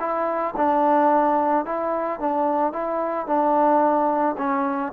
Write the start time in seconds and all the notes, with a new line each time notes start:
0.00 E4
0.57 D4
1.66 E4
2.20 D4
2.73 E4
3.27 D4
4.38 C#4